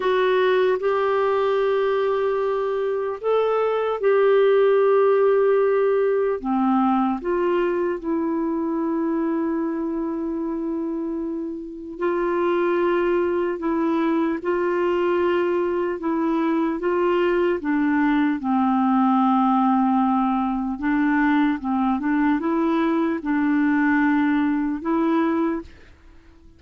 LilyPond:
\new Staff \with { instrumentName = "clarinet" } { \time 4/4 \tempo 4 = 75 fis'4 g'2. | a'4 g'2. | c'4 f'4 e'2~ | e'2. f'4~ |
f'4 e'4 f'2 | e'4 f'4 d'4 c'4~ | c'2 d'4 c'8 d'8 | e'4 d'2 e'4 | }